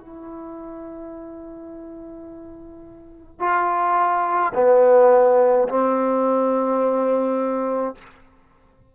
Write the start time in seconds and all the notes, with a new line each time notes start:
0.00 E4
3.40 F4
4.54 B3
5.68 C4